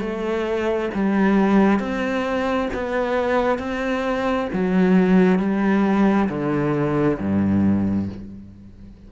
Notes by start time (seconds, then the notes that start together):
0.00 A3
0.94 G3
1.80 C4
2.74 B3
3.59 C4
4.53 F#3
5.39 G3
6.29 D3
7.20 G2